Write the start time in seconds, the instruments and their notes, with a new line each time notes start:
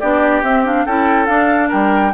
0.00 bassoon B3, clarinet D4, oboe G4, flute D5
0.43 bassoon C4, clarinet C4, flute E5
0.66 clarinet D4, flute F5
0.86 bassoon C#4, clarinet E4, oboe A4, flute G5
1.27 clarinet D4, bassoon D4, flute F5
1.69 bassoon G3, oboe A#4, flute G5